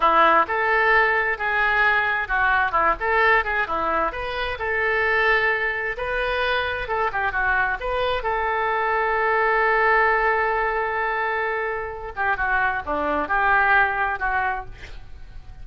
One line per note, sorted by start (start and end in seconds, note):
0.00 0.46 E4
0.47 1.38 A4
1.38 2.28 G#4
2.28 2.71 F#4
2.71 2.94 E4
3.00 3.44 A4
3.44 3.67 G#4
3.67 4.12 E4
4.12 4.57 B4
4.58 5.96 A4
5.97 6.87 B4
6.87 7.10 A4
7.12 7.32 G4
7.32 7.77 F#4
7.79 8.23 B4
8.23 12.12 A4
12.15 12.36 G4
12.36 12.82 F#4
12.85 13.27 D4
13.27 14.19 G4
14.19 14.65 F#4